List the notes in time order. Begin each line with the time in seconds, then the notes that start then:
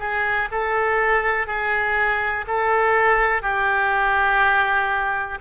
0.00 G#4
0.51 A4
1.47 G#4
2.47 A4
3.42 G4